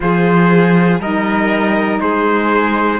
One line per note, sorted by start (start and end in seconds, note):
0.00 0.99 F3
0.00 0.99 F4
0.00 1.00 G#4
0.00 1.00 C5
0.99 1.99 G3
0.99 2.99 D#4
0.99 2.00 A#4
0.99 2.00 D#5
2.00 2.99 G#3
2.00 2.99 G#4
2.00 2.99 C5